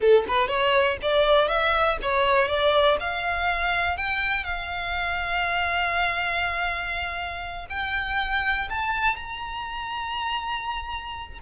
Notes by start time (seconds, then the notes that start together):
0.00 A4
0.27 B4
0.48 C#5
1.02 D5
1.47 E5
2.02 C#5
2.48 D5
3.00 F5
3.97 G5
4.44 F5
7.69 G5
8.69 A5
9.16 A#5